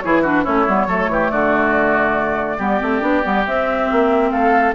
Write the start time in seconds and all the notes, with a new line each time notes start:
0.00 E3 E4 G#4 C#5
0.22 D4 F#4 B4
0.43 A3 C#4 E4 C#5
0.67 G3 B3
0.86 F#3 A3 A4
1.08 E3 G4
1.29 D3 F#4 D5
2.57 G3 B3 G4
2.81 A3 C4
3.00 B3 D4
3.22 G3 B3
3.45 C4 E5
3.91 A#3
4.30 A3 A4 F5